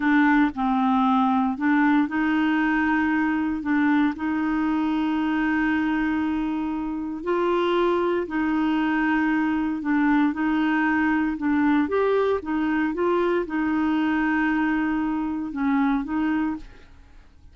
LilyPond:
\new Staff \with { instrumentName = "clarinet" } { \time 4/4 \tempo 4 = 116 d'4 c'2 d'4 | dis'2. d'4 | dis'1~ | dis'2 f'2 |
dis'2. d'4 | dis'2 d'4 g'4 | dis'4 f'4 dis'2~ | dis'2 cis'4 dis'4 | }